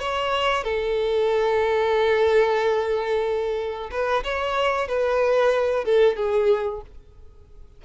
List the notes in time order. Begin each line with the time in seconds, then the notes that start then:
0.00 C#5
0.64 A4
3.91 B4
4.24 C#5
4.88 B4
5.85 A4
6.16 G#4